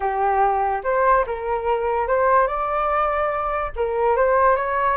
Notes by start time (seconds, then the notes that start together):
0.00 G4
0.83 C5
1.26 A#4
2.07 C5
2.47 D5
3.76 A#4
4.16 C5
4.56 C#5